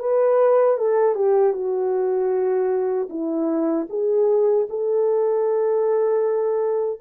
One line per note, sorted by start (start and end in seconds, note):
0.00 0.78 B4
0.78 1.15 A4
1.15 1.53 G4
1.53 3.09 F#4
3.10 3.88 E4
3.90 4.68 G#4
4.70 7.01 A4